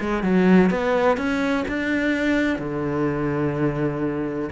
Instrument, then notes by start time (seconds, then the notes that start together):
cello
0.00 G#3
0.23 F#3
0.71 B3
1.17 C#4
1.68 D4
2.59 D3